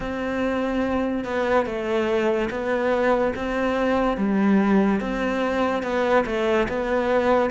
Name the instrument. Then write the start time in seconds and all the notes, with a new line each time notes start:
cello
0.00 C4
1.24 B3
1.66 A3
2.50 B3
3.35 C4
4.17 G3
5.00 C4
5.82 B3
6.25 A3
6.68 B3